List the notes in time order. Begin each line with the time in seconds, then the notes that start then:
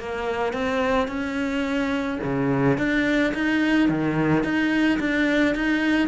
0.00 A#3
0.54 C4
1.08 C#4
2.24 C#3
2.78 D4
3.35 D#4
3.90 D#3
4.44 D#4
5.00 D4
5.55 D#4